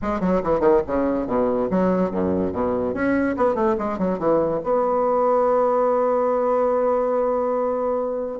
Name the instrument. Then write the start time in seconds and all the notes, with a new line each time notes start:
bassoon
0.02 G#3
0.20 F#3
0.43 E3
0.60 D#3
0.86 C#3
1.26 B2
1.70 F#3
2.11 F#2
2.52 B2
2.94 C#4
3.37 B3
3.55 A3
3.77 G#3
3.98 F#3
4.18 E3
4.63 B3